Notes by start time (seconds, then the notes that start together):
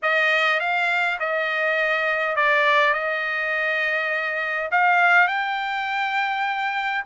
0.02 D#5
0.60 F5
1.19 D#5
2.36 D5
2.93 D#5
4.71 F5
5.27 G5